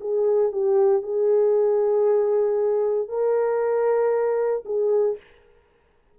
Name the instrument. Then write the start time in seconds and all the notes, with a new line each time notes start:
horn
0.00 G#4
0.51 G4
1.02 G#4
3.08 A#4
4.65 G#4